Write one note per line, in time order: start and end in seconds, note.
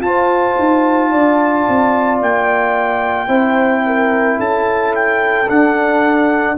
0.00 0.55 F4
0.00 3.28 F4
0.00 1.11 C5
0.00 2.20 A5
0.59 1.13 D#4
1.11 1.68 D4
1.11 3.28 D5
1.69 2.22 C4
2.22 3.28 A#3
2.22 4.40 G5
3.28 4.37 C4
3.28 5.46 E4
3.28 3.83 C5
3.86 4.38 A#4
4.38 5.48 C#4
4.38 6.56 A4
4.38 4.95 A5
4.95 5.50 G5
5.48 6.57 D4
5.48 6.58 D4
5.48 6.58 F#5